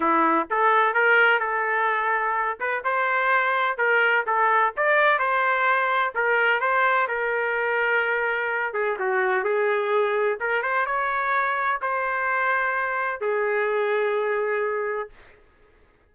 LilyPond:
\new Staff \with { instrumentName = "trumpet" } { \time 4/4 \tempo 4 = 127 e'4 a'4 ais'4 a'4~ | a'4. b'8 c''2 | ais'4 a'4 d''4 c''4~ | c''4 ais'4 c''4 ais'4~ |
ais'2~ ais'8 gis'8 fis'4 | gis'2 ais'8 c''8 cis''4~ | cis''4 c''2. | gis'1 | }